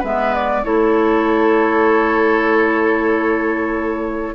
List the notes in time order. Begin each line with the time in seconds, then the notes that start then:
0.00 G#3 B3 B4 E5
0.35 D5
0.64 A3 E4 A4 C#5